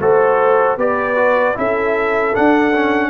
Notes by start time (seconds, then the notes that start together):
0.00 A3 F#4 A4 C5
0.77 B3 G4 B4 D5
1.16 F#4
1.55 C#4 E4 A4 E5
2.35 D4 F#5
2.75 C#4